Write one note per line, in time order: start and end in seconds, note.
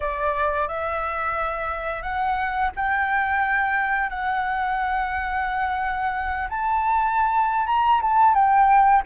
0.00 0.68 D5
0.68 2.02 E5
2.02 2.70 F#5
2.76 4.09 G5
4.09 6.48 F#5
6.49 7.66 A5
7.66 8.00 A#5
8.01 8.34 A5
8.34 9.02 G5